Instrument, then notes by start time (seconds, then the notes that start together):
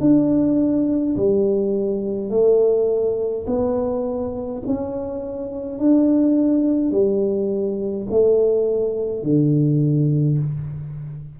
tuba
0.00 D4
1.16 G3
2.30 A3
3.47 B3
4.66 C#4
5.78 D4
6.91 G3
8.10 A3
9.23 D3